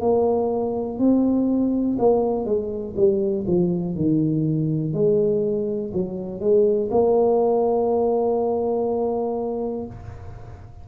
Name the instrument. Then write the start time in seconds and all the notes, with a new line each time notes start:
tuba
0.00 A#3
0.98 C4
1.98 A#3
2.45 G#3
2.96 G3
3.46 F3
3.95 D#3
4.93 G#3
5.93 F#3
6.40 G#3
6.91 A#3